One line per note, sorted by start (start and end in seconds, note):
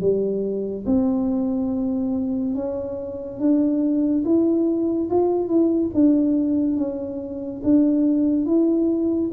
0.00 0.85 G3
0.86 2.55 C4
2.55 3.39 C#4
3.39 4.23 D4
4.24 5.09 E4
5.10 5.48 F4
5.48 5.90 E4
5.94 6.77 D4
6.77 7.61 C#4
7.64 8.46 D4
8.46 9.30 E4